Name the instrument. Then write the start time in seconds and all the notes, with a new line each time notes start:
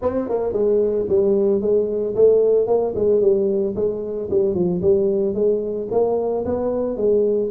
tuba
0.01 C4
0.28 A#3
0.52 G#3
1.08 G3
1.61 G#3
2.15 A3
2.66 A#3
2.95 G#3
3.21 G3
3.75 G#3
4.30 G3
4.54 F3
4.81 G3
5.34 G#3
5.91 A#3
6.45 B3
6.96 G#3